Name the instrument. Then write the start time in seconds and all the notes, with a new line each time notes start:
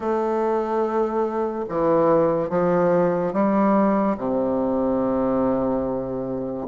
bassoon
0.00 A3
1.69 E3
2.49 F3
3.33 G3
4.17 C3